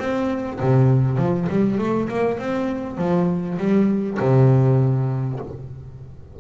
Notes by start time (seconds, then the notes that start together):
0.00 C4
0.61 C3
1.18 F3
1.50 G3
1.79 A3
2.09 A#3
2.39 C4
2.98 F3
3.59 G3
4.20 C3